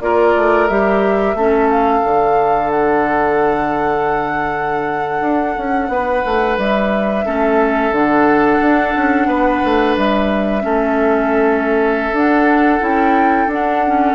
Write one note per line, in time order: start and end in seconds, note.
0.00 0.34 A#3
0.00 0.68 F4
0.00 1.36 A#4
0.00 0.67 D5
0.36 0.69 A3
0.67 1.34 G3
0.67 1.37 G4
0.67 1.68 E5
1.34 2.01 A3
1.34 2.04 C#4
1.34 5.91 A4
1.70 2.70 F5
2.04 5.20 D3
2.04 7.25 D4
2.70 6.58 F#5
5.20 5.54 D4
5.57 5.88 C#4
5.88 6.22 B3
5.88 7.25 B4
6.25 6.57 A3
6.57 7.25 G3
6.57 7.94 E5
7.25 7.91 A3
7.25 7.92 C#4
7.25 9.27 A4
7.91 8.58 D3
7.91 10.61 D4
7.91 9.96 F#5
8.60 8.94 D4
8.95 9.26 C#4
9.26 9.60 B3
9.26 10.62 B4
9.64 9.97 A3
9.97 10.64 G3
9.97 12.16 E5
10.61 12.12 A3
10.61 12.12 C#4
10.61 14.14 A4
12.12 12.79 D4
12.12 12.83 F#5
12.79 13.46 C#4
12.79 13.47 E4
12.79 13.51 G5
13.46 14.14 D4
13.46 13.85 D4
13.46 14.14 F#5
13.86 14.14 C#4